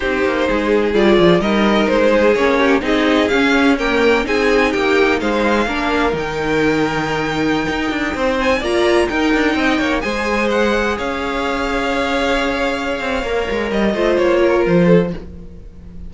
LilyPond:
<<
  \new Staff \with { instrumentName = "violin" } { \time 4/4 \tempo 4 = 127 c''2 d''4 dis''4 | c''4 cis''4 dis''4 f''4 | g''4 gis''4 g''4 f''4~ | f''4 g''2.~ |
g''4.~ g''16 gis''8 ais''4 g''8.~ | g''4~ g''16 gis''4 fis''4 f''8.~ | f''1~ | f''4 dis''4 cis''4 c''4 | }
  \new Staff \with { instrumentName = "violin" } { \time 4/4 g'4 gis'2 ais'4~ | ais'8 gis'4 g'8 gis'2 | ais'4 gis'4 g'4 c''4 | ais'1~ |
ais'4~ ais'16 c''4 d''4 ais'8.~ | ais'16 dis''8 cis''8 c''2 cis''8.~ | cis''1~ | cis''4. c''4 ais'4 a'8 | }
  \new Staff \with { instrumentName = "viola" } { \time 4/4 dis'2 f'4 dis'4~ | dis'4 cis'4 dis'4 cis'4 | ais4 dis'2. | d'4 dis'2.~ |
dis'2~ dis'16 f'4 dis'8.~ | dis'4~ dis'16 gis'2~ gis'8.~ | gis'1 | ais'4. f'2~ f'8 | }
  \new Staff \with { instrumentName = "cello" } { \time 4/4 c'8 ais8 gis4 g8 f8 g4 | gis4 ais4 c'4 cis'4~ | cis'4 c'4 ais4 gis4 | ais4 dis2.~ |
dis16 dis'8 d'8 c'4 ais4 dis'8 d'16~ | d'16 c'8 ais8 gis2 cis'8.~ | cis'2.~ cis'8 c'8 | ais8 gis8 g8 a8 ais4 f4 | }
>>